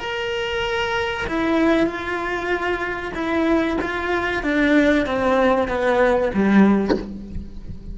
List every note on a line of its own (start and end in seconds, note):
0.00 1.26 A#4
1.27 1.86 E4
1.86 3.12 F4
3.14 3.77 E4
3.81 4.43 F4
4.43 5.06 D4
5.06 5.68 C4
5.68 6.31 B3
6.34 6.97 G3